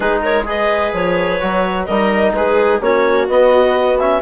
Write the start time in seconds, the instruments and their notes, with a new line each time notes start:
0.00 bassoon G#3, trombone D#4, viola G#4, clarinet B4
0.22 viola A#4, clarinet C#5
0.45 trombone G#4, viola B4, clarinet D#5
0.93 bassoon F3, clarinet C#5
1.40 bassoon F#3, trombone F#4
1.85 bassoon G3, trombone D#4, viola A#4, clarinet D#5
2.32 bassoon G#3, viola G#4, clarinet B4
2.81 bassoon A#3, trombone C#4, viola F#4, clarinet C#5
3.28 trombone B3, bassoon B3, clarinet D#5
3.99 trombone C#4, clarinet E5